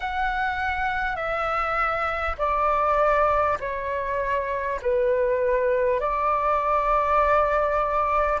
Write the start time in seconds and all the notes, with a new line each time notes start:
0.00 F#5
1.16 E5
2.38 D5
3.59 C#5
4.82 B4
6.00 D5